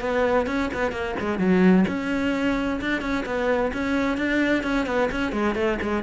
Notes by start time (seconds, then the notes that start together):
0.00 B3
0.46 C#4
0.73 B3
0.91 A#3
1.19 G#3
1.38 F#3
1.88 C#4
2.80 D4
3.01 C#4
3.25 B3
3.73 C#4
4.17 D4
4.63 C#4
4.86 B3
5.11 C#4
5.32 G#3
5.55 A3
5.81 G#3